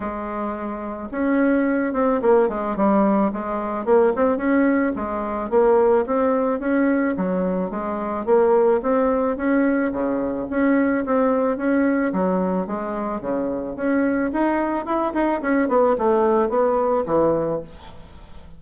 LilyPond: \new Staff \with { instrumentName = "bassoon" } { \time 4/4 \tempo 4 = 109 gis2 cis'4. c'8 | ais8 gis8 g4 gis4 ais8 c'8 | cis'4 gis4 ais4 c'4 | cis'4 fis4 gis4 ais4 |
c'4 cis'4 cis4 cis'4 | c'4 cis'4 fis4 gis4 | cis4 cis'4 dis'4 e'8 dis'8 | cis'8 b8 a4 b4 e4 | }